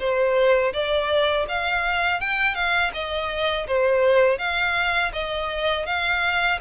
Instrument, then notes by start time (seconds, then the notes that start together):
violin
0.00 C5
0.74 D5
1.49 F5
2.21 G5
2.55 F5
2.94 D#5
3.68 C5
4.39 F5
5.14 D#5
5.86 F5